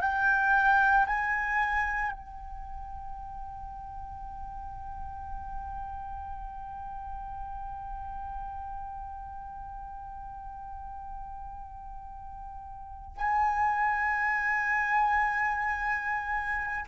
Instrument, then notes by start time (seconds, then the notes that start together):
flute
0.00 G5
1.06 G#5
2.11 G5
13.17 G#5